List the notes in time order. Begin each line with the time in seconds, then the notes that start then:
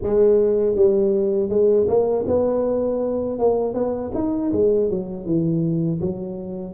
0.02 G#3
0.75 G3
1.49 G#3
1.88 A#3
2.27 B3
3.39 A#3
3.73 B3
4.14 D#4
4.52 G#3
4.90 F#3
5.25 E3
6.00 F#3